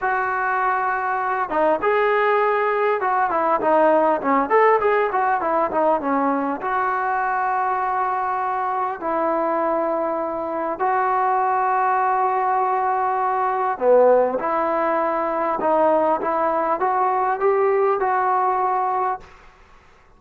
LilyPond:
\new Staff \with { instrumentName = "trombone" } { \time 4/4 \tempo 4 = 100 fis'2~ fis'8 dis'8 gis'4~ | gis'4 fis'8 e'8 dis'4 cis'8 a'8 | gis'8 fis'8 e'8 dis'8 cis'4 fis'4~ | fis'2. e'4~ |
e'2 fis'2~ | fis'2. b4 | e'2 dis'4 e'4 | fis'4 g'4 fis'2 | }